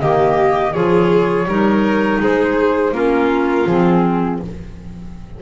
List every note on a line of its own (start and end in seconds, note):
0.00 0.75 D#3
0.00 0.73 A#3
0.00 0.73 G4
0.00 0.73 D#5
0.73 1.45 F3
0.73 1.48 F4
0.73 1.46 G#4
0.73 2.19 C#5
1.45 2.18 G3
1.45 2.93 D#4
1.45 2.22 A#4
2.20 2.92 G#3
2.20 2.94 G#4
2.20 2.94 C5
2.92 3.65 A#3
2.92 3.67 C#4
2.92 4.40 F4
2.92 3.67 A#4
3.67 4.40 F3
3.67 4.42 C4
3.67 4.40 G#4